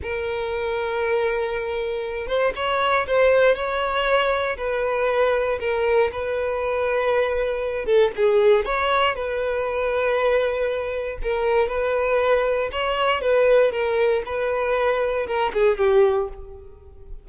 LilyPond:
\new Staff \with { instrumentName = "violin" } { \time 4/4 \tempo 4 = 118 ais'1~ | ais'8 c''8 cis''4 c''4 cis''4~ | cis''4 b'2 ais'4 | b'2.~ b'8 a'8 |
gis'4 cis''4 b'2~ | b'2 ais'4 b'4~ | b'4 cis''4 b'4 ais'4 | b'2 ais'8 gis'8 g'4 | }